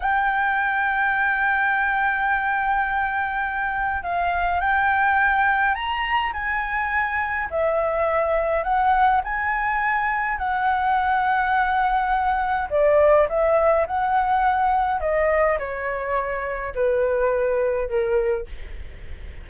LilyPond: \new Staff \with { instrumentName = "flute" } { \time 4/4 \tempo 4 = 104 g''1~ | g''2. f''4 | g''2 ais''4 gis''4~ | gis''4 e''2 fis''4 |
gis''2 fis''2~ | fis''2 d''4 e''4 | fis''2 dis''4 cis''4~ | cis''4 b'2 ais'4 | }